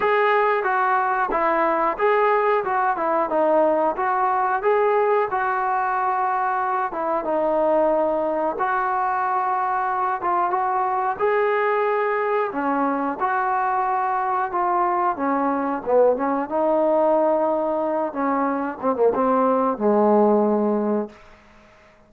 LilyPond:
\new Staff \with { instrumentName = "trombone" } { \time 4/4 \tempo 4 = 91 gis'4 fis'4 e'4 gis'4 | fis'8 e'8 dis'4 fis'4 gis'4 | fis'2~ fis'8 e'8 dis'4~ | dis'4 fis'2~ fis'8 f'8 |
fis'4 gis'2 cis'4 | fis'2 f'4 cis'4 | b8 cis'8 dis'2~ dis'8 cis'8~ | cis'8 c'16 ais16 c'4 gis2 | }